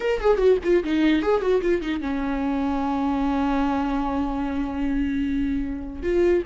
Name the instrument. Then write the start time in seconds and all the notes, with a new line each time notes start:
viola
0.00 A#4
0.20 G#4
0.37 F#4
0.63 F4
0.84 D#4
1.22 G#4
1.41 F#4
1.61 F4
1.81 D#4
2.01 C#4
6.02 F4